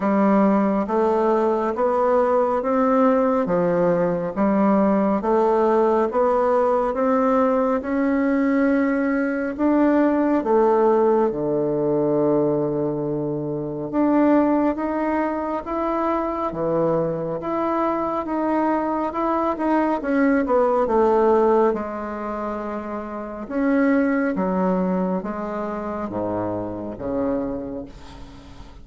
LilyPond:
\new Staff \with { instrumentName = "bassoon" } { \time 4/4 \tempo 4 = 69 g4 a4 b4 c'4 | f4 g4 a4 b4 | c'4 cis'2 d'4 | a4 d2. |
d'4 dis'4 e'4 e4 | e'4 dis'4 e'8 dis'8 cis'8 b8 | a4 gis2 cis'4 | fis4 gis4 gis,4 cis4 | }